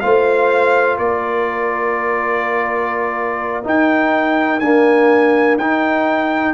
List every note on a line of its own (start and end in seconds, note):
0.00 0.98 A3
0.00 3.64 F4
0.00 0.98 C5
0.00 0.97 F5
0.98 3.64 A#3
0.98 6.54 A#4
0.98 3.65 D5
3.64 4.60 D#4
3.64 4.61 D#4
3.64 4.60 G5
4.60 5.60 A#3
4.60 5.57 D4
4.60 5.57 G#5
5.57 6.54 D#4
5.57 6.54 G5